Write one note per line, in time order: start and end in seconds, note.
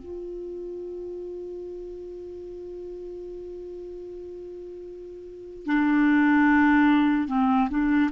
0.00 5.66 F4
5.66 7.28 D4
7.28 7.69 C4
7.70 8.10 D4